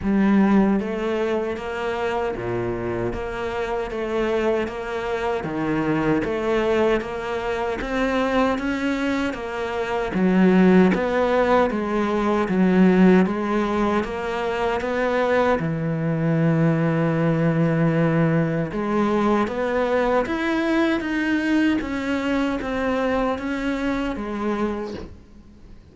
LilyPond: \new Staff \with { instrumentName = "cello" } { \time 4/4 \tempo 4 = 77 g4 a4 ais4 ais,4 | ais4 a4 ais4 dis4 | a4 ais4 c'4 cis'4 | ais4 fis4 b4 gis4 |
fis4 gis4 ais4 b4 | e1 | gis4 b4 e'4 dis'4 | cis'4 c'4 cis'4 gis4 | }